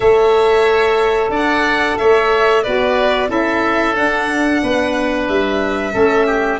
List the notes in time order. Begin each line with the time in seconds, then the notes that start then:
0.00 A3 A4 C#5 E5
1.29 D4 D5
1.35 F#5
1.97 A3 C#5 E5
2.63 B3 F#4 B4 D5
3.27 C#4 E4 A4 E5
3.94 D4 F#5
4.62 B3 B4
5.28 G3 E5
5.91 A3 C#4 A4
6.26 G4